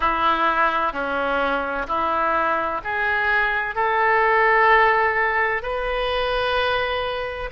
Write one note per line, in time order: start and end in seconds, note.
0.00 0.92 E4
0.92 1.86 C#4
1.87 2.81 E4
2.84 3.75 G#4
3.75 5.62 A4
5.62 7.50 B4